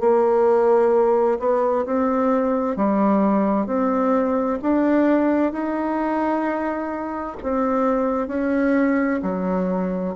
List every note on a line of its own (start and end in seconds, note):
0.00 1.38 A#3
1.39 1.85 B3
1.86 2.77 C4
2.77 3.66 G3
3.66 4.59 C4
4.62 5.53 D4
5.53 7.37 D#4
7.43 8.28 C4
8.28 9.20 C#4
9.23 10.15 F#3